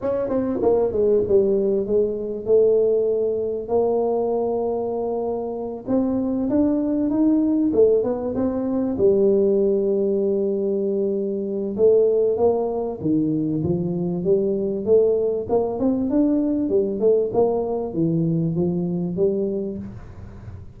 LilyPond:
\new Staff \with { instrumentName = "tuba" } { \time 4/4 \tempo 4 = 97 cis'8 c'8 ais8 gis8 g4 gis4 | a2 ais2~ | ais4. c'4 d'4 dis'8~ | dis'8 a8 b8 c'4 g4.~ |
g2. a4 | ais4 dis4 f4 g4 | a4 ais8 c'8 d'4 g8 a8 | ais4 e4 f4 g4 | }